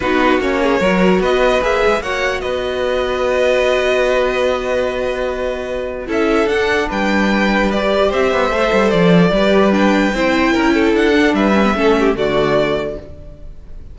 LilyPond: <<
  \new Staff \with { instrumentName = "violin" } { \time 4/4 \tempo 4 = 148 b'4 cis''2 dis''4 | e''4 fis''4 dis''2~ | dis''1~ | dis''2. e''4 |
fis''4 g''2 d''4 | e''2 d''2 | g''2. fis''4 | e''2 d''2 | }
  \new Staff \with { instrumentName = "violin" } { \time 4/4 fis'4. gis'8 ais'4 b'4~ | b'4 cis''4 b'2~ | b'1~ | b'2. a'4~ |
a'4 b'2. | c''2. b'4~ | b'4 c''4 ais'8 a'4. | b'4 a'8 g'8 fis'2 | }
  \new Staff \with { instrumentName = "viola" } { \time 4/4 dis'4 cis'4 fis'2 | gis'4 fis'2.~ | fis'1~ | fis'2. e'4 |
d'2. g'4~ | g'4 a'2 g'4 | d'4 e'2~ e'8 d'8~ | d'8 cis'16 b16 cis'4 a2 | }
  \new Staff \with { instrumentName = "cello" } { \time 4/4 b4 ais4 fis4 b4 | ais8 gis8 ais4 b2~ | b1~ | b2. cis'4 |
d'4 g2. | c'8 b8 a8 g8 f4 g4~ | g4 c'4 cis'4 d'4 | g4 a4 d2 | }
>>